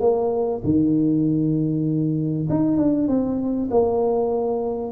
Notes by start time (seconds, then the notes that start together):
0.00 A#3
0.64 D#3
2.50 D#4
2.77 D4
3.08 C4
3.71 A#3